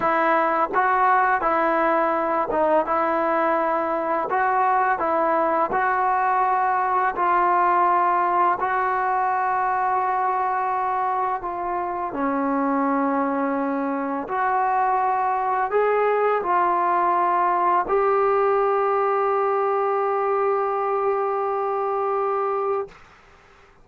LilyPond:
\new Staff \with { instrumentName = "trombone" } { \time 4/4 \tempo 4 = 84 e'4 fis'4 e'4. dis'8 | e'2 fis'4 e'4 | fis'2 f'2 | fis'1 |
f'4 cis'2. | fis'2 gis'4 f'4~ | f'4 g'2.~ | g'1 | }